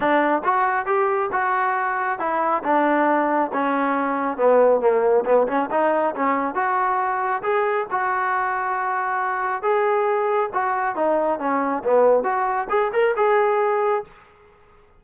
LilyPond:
\new Staff \with { instrumentName = "trombone" } { \time 4/4 \tempo 4 = 137 d'4 fis'4 g'4 fis'4~ | fis'4 e'4 d'2 | cis'2 b4 ais4 | b8 cis'8 dis'4 cis'4 fis'4~ |
fis'4 gis'4 fis'2~ | fis'2 gis'2 | fis'4 dis'4 cis'4 b4 | fis'4 gis'8 ais'8 gis'2 | }